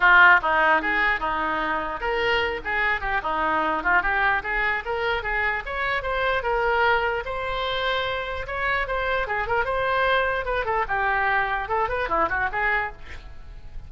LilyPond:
\new Staff \with { instrumentName = "oboe" } { \time 4/4 \tempo 4 = 149 f'4 dis'4 gis'4 dis'4~ | dis'4 ais'4. gis'4 g'8 | dis'4. f'8 g'4 gis'4 | ais'4 gis'4 cis''4 c''4 |
ais'2 c''2~ | c''4 cis''4 c''4 gis'8 ais'8 | c''2 b'8 a'8 g'4~ | g'4 a'8 b'8 e'8 fis'8 gis'4 | }